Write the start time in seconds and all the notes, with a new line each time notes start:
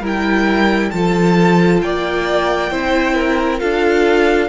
0.00 G3 E4 A#4
0.07 G5
0.90 F3 F4 A4 A5
1.82 A#3 D5 G5
2.71 C4 E4 C5
3.15 A#4
3.59 D4 F4 A4 F5